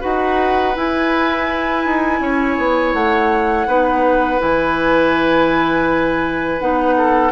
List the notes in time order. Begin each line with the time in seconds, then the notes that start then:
0.00 D#4 F#4 B4 F#5
0.76 E4 G#5
1.86 D#4
2.20 C#4 C#5
2.57 B3
2.93 A3 F#5
3.66 B3 D#4 B4
4.39 E3 E4 G#5
6.60 B3 D#4 F#5
6.97 A4